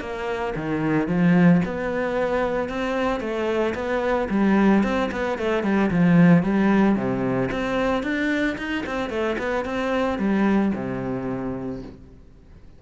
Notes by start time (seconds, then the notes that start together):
0.00 A#3
0.56 D#3
1.08 F3
1.65 B3
2.69 C4
3.20 A3
3.74 B3
4.30 G3
4.83 C4
5.11 B3
5.38 A3
5.63 G3
5.90 F3
6.43 G3
6.96 C3
7.51 C4
8.03 D4
8.58 D#4
8.86 C4
9.10 A3
9.38 B3
9.65 C4
10.18 G3
10.75 C3